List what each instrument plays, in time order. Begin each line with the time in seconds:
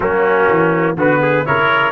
0.00 tuba F#3, trombone A#3, trumpet C#4 F#4
0.49 tuba E3
0.96 tuba D3, trombone B3, trumpet F#4 B4
1.21 trumpet G#4
1.45 tuba C#3, trombone E4, trumpet A#4 C#5